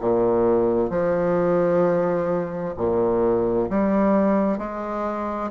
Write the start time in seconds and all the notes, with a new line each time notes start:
0.00 A#2
0.90 F3
2.77 A#2
3.70 G3
4.58 G#3